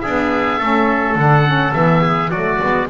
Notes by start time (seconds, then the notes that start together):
0.00 B3 D4 G#4 E5
0.58 A3 C#4 A4
1.15 D3 D4 F#5
1.46 C#4
1.72 E3 B3 E5
2.01 G#4
2.30 F#3 A3 F#4 D5
2.60 G#3 B3